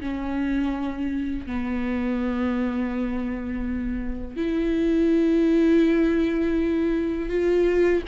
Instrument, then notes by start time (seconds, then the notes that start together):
viola
0.00 C#4
1.46 B3
4.36 E4
7.29 F4